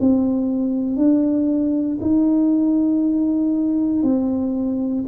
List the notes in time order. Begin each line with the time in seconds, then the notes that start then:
0.00 C4
0.96 D4
2.01 D#4
4.03 C4